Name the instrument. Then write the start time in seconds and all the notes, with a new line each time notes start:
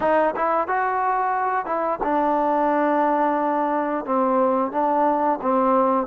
trombone
0.00 D#4
0.36 E4
0.67 F#4
1.65 E4
2.03 D4
4.05 C4
4.71 D4
5.41 C4